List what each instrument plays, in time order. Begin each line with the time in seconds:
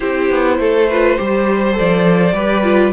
0.00 cello C4, viola E4, violin G4 C5
0.30 cello B3
0.59 cello A3, violin A4
0.89 viola F4, violin B4
1.17 cello G3, viola G4, violin C5
1.72 viola A4
1.78 cello F3, violin D5
2.33 cello G3, viola G4, violin B4
2.63 viola F4